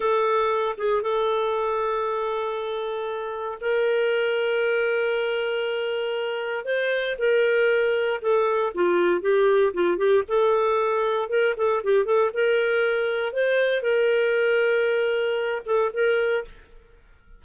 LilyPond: \new Staff \with { instrumentName = "clarinet" } { \time 4/4 \tempo 4 = 117 a'4. gis'8 a'2~ | a'2. ais'4~ | ais'1~ | ais'4 c''4 ais'2 |
a'4 f'4 g'4 f'8 g'8 | a'2 ais'8 a'8 g'8 a'8 | ais'2 c''4 ais'4~ | ais'2~ ais'8 a'8 ais'4 | }